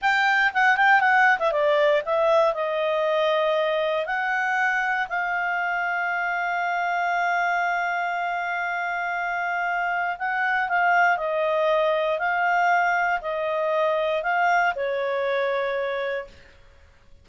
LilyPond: \new Staff \with { instrumentName = "clarinet" } { \time 4/4 \tempo 4 = 118 g''4 fis''8 g''8 fis''8. e''16 d''4 | e''4 dis''2. | fis''2 f''2~ | f''1~ |
f''1 | fis''4 f''4 dis''2 | f''2 dis''2 | f''4 cis''2. | }